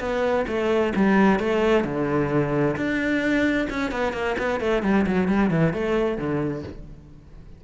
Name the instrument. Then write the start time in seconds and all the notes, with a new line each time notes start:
cello
0.00 B3
0.48 A3
0.96 G3
1.40 A3
1.84 D3
2.77 D4
3.70 C#4
3.92 B3
4.13 A#3
4.39 B3
4.61 A3
4.83 G3
5.07 F#3
5.29 G3
5.51 E3
5.74 A3
6.18 D3